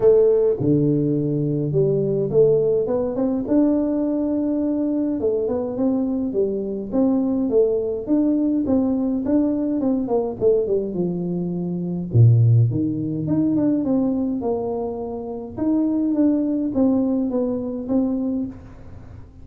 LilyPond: \new Staff \with { instrumentName = "tuba" } { \time 4/4 \tempo 4 = 104 a4 d2 g4 | a4 b8 c'8 d'2~ | d'4 a8 b8 c'4 g4 | c'4 a4 d'4 c'4 |
d'4 c'8 ais8 a8 g8 f4~ | f4 ais,4 dis4 dis'8 d'8 | c'4 ais2 dis'4 | d'4 c'4 b4 c'4 | }